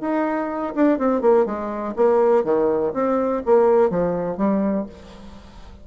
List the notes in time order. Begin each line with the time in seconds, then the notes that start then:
0.00 D#4
0.75 D4
0.98 C4
1.21 A#3
1.45 G#3
1.96 A#3
2.44 D#3
2.94 C4
3.45 A#3
3.90 F3
4.37 G3